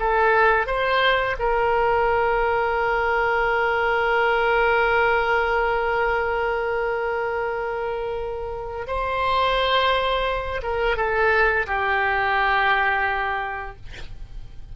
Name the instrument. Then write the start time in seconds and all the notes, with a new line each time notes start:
oboe
0.00 A4
0.67 C5
1.39 A#4
8.87 C5
10.63 A#4
10.97 A4
11.67 G4